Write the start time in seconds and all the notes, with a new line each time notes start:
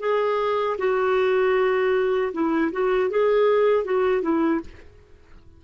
0.00 G#4
0.78 F#4
2.33 E4
2.72 F#4
3.10 G#4
3.85 F#4
4.22 E4